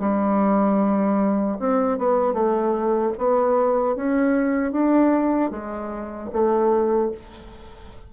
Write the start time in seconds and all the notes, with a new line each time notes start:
0.00 G3
1.60 C4
1.98 B3
2.34 A3
3.18 B3
3.96 C#4
4.72 D4
5.51 G#3
6.33 A3